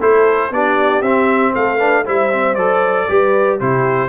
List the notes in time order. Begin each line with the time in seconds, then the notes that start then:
0.00 A3 E4 A4 C5
0.51 B3 D4 G4 D5
1.01 C4 E5
1.53 A3 A4 F5
1.76 D4 B4
2.05 G3 E4 C5 E5
2.32 C4
2.55 F#3 A4 D5
3.09 G3 G4 B4
3.59 C3 E4 G4 C5